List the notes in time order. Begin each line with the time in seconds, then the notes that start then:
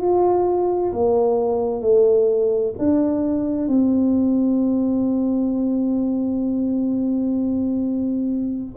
0.00 F4
0.93 A#3
1.82 A3
2.78 D4
3.68 C4